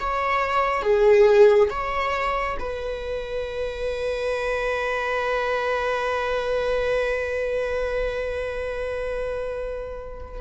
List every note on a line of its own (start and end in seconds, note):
0.00 0.83 C#5
0.83 1.70 G#4
1.70 2.57 C#5
2.60 10.42 B4